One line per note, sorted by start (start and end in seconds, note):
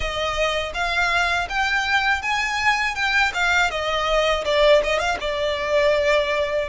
0.00 0.72 D#5
0.73 1.47 F5
1.49 2.22 G5
2.22 2.95 G#5
2.95 3.32 G5
3.33 3.70 F5
3.70 4.44 D#5
4.44 4.81 D5
4.83 4.99 D#5
4.99 5.17 F5
5.20 6.68 D5